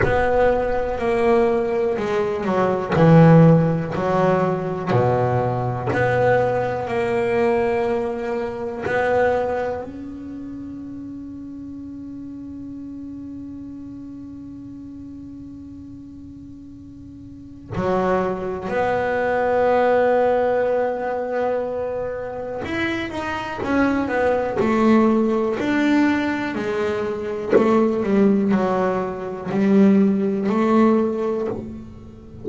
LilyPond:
\new Staff \with { instrumentName = "double bass" } { \time 4/4 \tempo 4 = 61 b4 ais4 gis8 fis8 e4 | fis4 b,4 b4 ais4~ | ais4 b4 cis'2~ | cis'1~ |
cis'2 fis4 b4~ | b2. e'8 dis'8 | cis'8 b8 a4 d'4 gis4 | a8 g8 fis4 g4 a4 | }